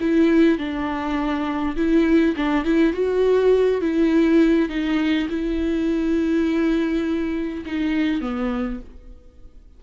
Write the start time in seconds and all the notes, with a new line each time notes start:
0.00 E4
0.58 D4
1.76 E4
2.36 D4
2.65 E4
2.93 F#4
3.81 E4
4.69 D#4
5.29 E4
7.66 D#4
8.21 B3